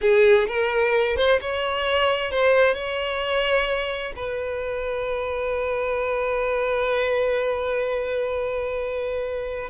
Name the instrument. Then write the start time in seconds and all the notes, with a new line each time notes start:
violin
0.01 G#4
0.47 A#4
1.16 C5
1.41 C#5
2.31 C5
2.74 C#5
4.16 B4